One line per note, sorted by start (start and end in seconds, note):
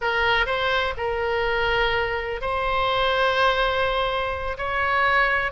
0.01 0.46 A#4
0.46 0.94 C5
0.97 2.41 A#4
2.41 4.57 C5
4.57 5.51 C#5